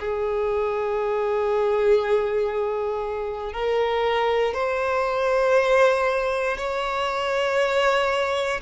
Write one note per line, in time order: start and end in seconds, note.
0.00 3.54 G#4
3.54 4.54 A#4
4.54 6.58 C5
6.58 8.61 C#5